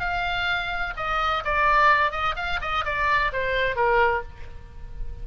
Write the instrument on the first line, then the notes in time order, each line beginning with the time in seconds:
oboe
0.00 F5
0.97 D#5
1.45 D5
2.12 D#5
2.36 F5
2.61 D#5
2.85 D5
3.33 C5
3.76 A#4